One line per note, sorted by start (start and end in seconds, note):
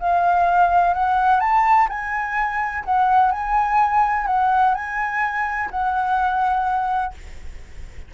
0.00 0.94 F5
0.94 1.41 F#5
1.41 1.88 A5
1.90 2.85 G#5
2.85 3.32 F#5
3.32 4.27 G#5
4.27 4.75 F#5
4.75 5.70 G#5
5.71 7.14 F#5